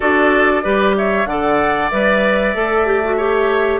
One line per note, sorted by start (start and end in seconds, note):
0.00 0.64 D4
0.00 0.63 F#4
0.00 0.63 A4
0.00 0.92 D5
0.63 1.25 G3
0.63 1.27 G4
0.63 0.95 B4
0.97 1.29 C#5
0.97 1.26 E5
1.25 1.89 D3
1.25 1.91 A4
1.25 3.16 D5
1.25 1.90 F#5
1.90 2.54 G3
1.90 2.55 B4
1.90 3.80 E5
2.54 3.80 A3
2.54 2.86 A4
2.86 3.02 G4
3.04 3.18 F#4
3.16 3.80 G4
3.16 3.80 C#5